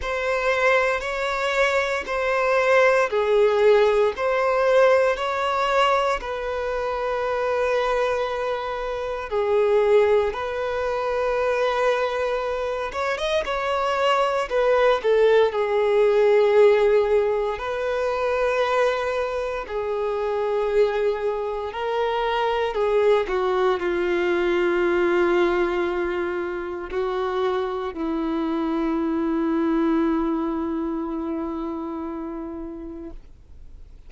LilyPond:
\new Staff \with { instrumentName = "violin" } { \time 4/4 \tempo 4 = 58 c''4 cis''4 c''4 gis'4 | c''4 cis''4 b'2~ | b'4 gis'4 b'2~ | b'8 cis''16 dis''16 cis''4 b'8 a'8 gis'4~ |
gis'4 b'2 gis'4~ | gis'4 ais'4 gis'8 fis'8 f'4~ | f'2 fis'4 e'4~ | e'1 | }